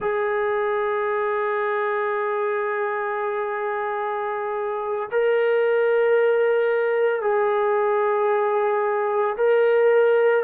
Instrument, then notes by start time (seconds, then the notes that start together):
trombone
0.00 G#4
5.11 A#4
7.21 G#4
9.37 A#4